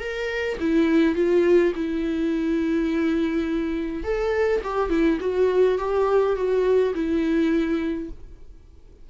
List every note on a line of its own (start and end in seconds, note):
0.00 0.58 A#4
0.60 1.15 E4
1.15 1.73 F4
1.75 4.04 E4
4.04 4.62 A4
4.64 4.90 G4
4.90 5.19 E4
5.21 5.78 F#4
5.78 6.36 G4
6.36 6.94 F#4
6.94 8.10 E4